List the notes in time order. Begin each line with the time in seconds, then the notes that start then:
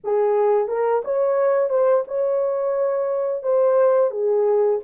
0.03 G#4
0.67 A#4
1.04 C#5
1.69 C5
2.07 C#5
3.43 C5
4.10 G#4